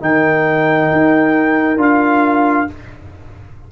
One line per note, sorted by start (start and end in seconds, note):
0.00 0.91 D#3
0.00 1.78 D#4
0.00 2.72 A#4
0.00 1.81 G5
0.92 1.76 D#4
1.76 2.66 D4
1.76 2.67 F4
1.76 2.71 F5